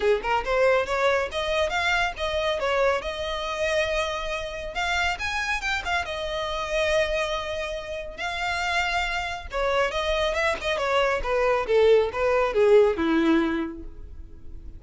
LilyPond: \new Staff \with { instrumentName = "violin" } { \time 4/4 \tempo 4 = 139 gis'8 ais'8 c''4 cis''4 dis''4 | f''4 dis''4 cis''4 dis''4~ | dis''2. f''4 | gis''4 g''8 f''8 dis''2~ |
dis''2. f''4~ | f''2 cis''4 dis''4 | e''8 dis''8 cis''4 b'4 a'4 | b'4 gis'4 e'2 | }